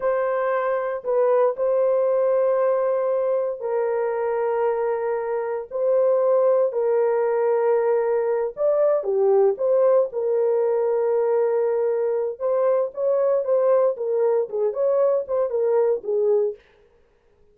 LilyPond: \new Staff \with { instrumentName = "horn" } { \time 4/4 \tempo 4 = 116 c''2 b'4 c''4~ | c''2. ais'4~ | ais'2. c''4~ | c''4 ais'2.~ |
ais'8 d''4 g'4 c''4 ais'8~ | ais'1 | c''4 cis''4 c''4 ais'4 | gis'8 cis''4 c''8 ais'4 gis'4 | }